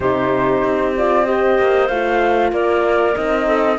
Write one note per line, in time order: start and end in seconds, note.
0.00 0.62 C3
0.00 0.96 D#4
0.00 1.26 G4
0.00 0.92 C5
0.63 1.58 C4
0.97 1.25 F4
0.97 1.25 D5
1.25 1.88 G4
1.25 2.52 C5
1.25 1.87 D#5
1.58 1.89 A#3
1.87 2.52 A3
1.87 3.15 F4
1.87 2.50 F5
2.52 3.15 A#3
2.52 3.46 A#4
2.52 3.16 D5
3.15 3.78 C4
3.15 3.78 D#4
3.15 3.78 D#5
3.46 3.78 A4